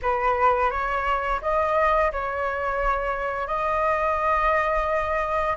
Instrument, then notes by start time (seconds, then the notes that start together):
flute
0.02 B4
0.70 C#5
1.41 D#5
2.12 C#5
3.47 D#5